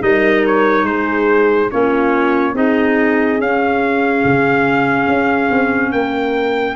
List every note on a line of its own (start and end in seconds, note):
0.00 0.83 G3
0.00 1.69 D#4
0.00 0.86 A#4
0.00 0.45 D#5
0.46 0.85 C#5
0.83 1.68 G#3
0.83 1.71 G#4
0.83 1.70 C5
1.71 2.54 A#3
1.71 2.54 C#4
1.71 2.54 F4
1.71 2.55 C#5
2.54 3.39 C4
2.54 3.39 D#4
2.54 5.92 G#4
2.54 3.41 D#5
3.39 4.23 C#4
3.39 6.75 C#4
3.39 5.92 F5
4.24 5.07 C#3
5.07 5.49 C#4
5.50 5.92 C4
5.92 6.75 A#3
5.92 6.75 A#4
5.92 6.75 G5